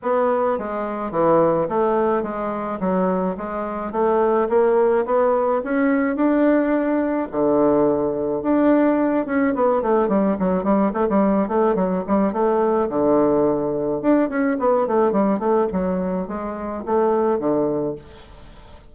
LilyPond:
\new Staff \with { instrumentName = "bassoon" } { \time 4/4 \tempo 4 = 107 b4 gis4 e4 a4 | gis4 fis4 gis4 a4 | ais4 b4 cis'4 d'4~ | d'4 d2 d'4~ |
d'8 cis'8 b8 a8 g8 fis8 g8 a16 g16~ | g8 a8 fis8 g8 a4 d4~ | d4 d'8 cis'8 b8 a8 g8 a8 | fis4 gis4 a4 d4 | }